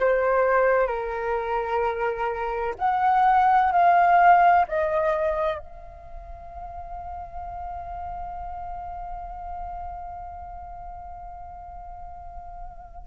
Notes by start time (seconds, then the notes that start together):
0.00 C5
0.88 A#4
2.79 F#5
3.72 F5
4.69 D#5
5.59 F5